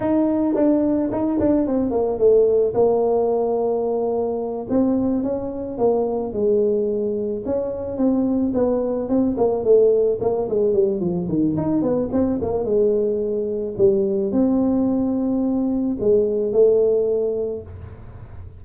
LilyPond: \new Staff \with { instrumentName = "tuba" } { \time 4/4 \tempo 4 = 109 dis'4 d'4 dis'8 d'8 c'8 ais8 | a4 ais2.~ | ais8 c'4 cis'4 ais4 gis8~ | gis4. cis'4 c'4 b8~ |
b8 c'8 ais8 a4 ais8 gis8 g8 | f8 dis8 dis'8 b8 c'8 ais8 gis4~ | gis4 g4 c'2~ | c'4 gis4 a2 | }